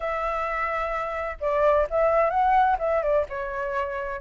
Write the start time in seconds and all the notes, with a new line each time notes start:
0.00 E5
1.40 D5
1.89 E5
2.30 F#5
2.79 E5
3.02 D5
3.29 C#5